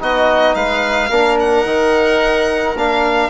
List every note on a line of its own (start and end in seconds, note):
0.00 0.55 B3
0.00 1.10 D#4
0.00 0.56 F#4
0.00 0.55 D#5
0.55 1.10 G#3
0.55 1.10 B4
0.55 1.37 F5
1.10 1.65 A#3
1.10 1.66 D4
1.10 3.30 A#4
1.40 2.77 F#5
1.65 2.75 D#3
1.65 2.76 D#4
2.75 3.30 A#3
2.75 3.30 D4
2.75 3.30 F5